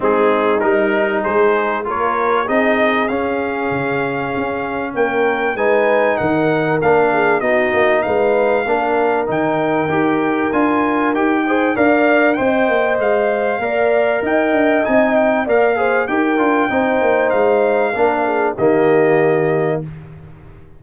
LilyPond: <<
  \new Staff \with { instrumentName = "trumpet" } { \time 4/4 \tempo 4 = 97 gis'4 ais'4 c''4 cis''4 | dis''4 f''2. | g''4 gis''4 fis''4 f''4 | dis''4 f''2 g''4~ |
g''4 gis''4 g''4 f''4 | g''4 f''2 g''4 | gis''8 g''8 f''4 g''2 | f''2 dis''2 | }
  \new Staff \with { instrumentName = "horn" } { \time 4/4 dis'2 gis'4 ais'4 | gis'1 | ais'4 b'4 ais'4. gis'8 | fis'4 b'4 ais'2~ |
ais'2~ ais'8 c''8 d''4 | dis''2 d''4 dis''4~ | dis''4 d''8 c''8 ais'4 c''4~ | c''4 ais'8 gis'8 g'2 | }
  \new Staff \with { instrumentName = "trombone" } { \time 4/4 c'4 dis'2 f'4 | dis'4 cis'2.~ | cis'4 dis'2 d'4 | dis'2 d'4 dis'4 |
g'4 f'4 g'8 gis'8 ais'4 | c''2 ais'2 | dis'4 ais'8 gis'8 g'8 f'8 dis'4~ | dis'4 d'4 ais2 | }
  \new Staff \with { instrumentName = "tuba" } { \time 4/4 gis4 g4 gis4 ais4 | c'4 cis'4 cis4 cis'4 | ais4 gis4 dis4 ais4 | b8 ais8 gis4 ais4 dis4 |
dis'4 d'4 dis'4 d'4 | c'8 ais8 gis4 ais4 dis'8 d'8 | c'4 ais4 dis'8 d'8 c'8 ais8 | gis4 ais4 dis2 | }
>>